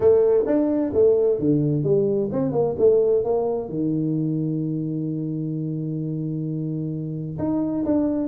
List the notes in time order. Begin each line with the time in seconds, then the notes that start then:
0.00 A3
0.46 D4
0.93 A3
1.39 D3
1.83 G3
2.32 C4
2.52 A#3
2.78 A3
3.23 A#3
3.68 D#3
7.38 D#4
7.85 D4